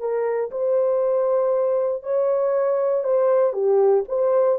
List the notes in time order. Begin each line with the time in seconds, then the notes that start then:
0.00 A#4
0.51 C5
2.03 C#5
3.04 C5
3.53 G4
4.08 C5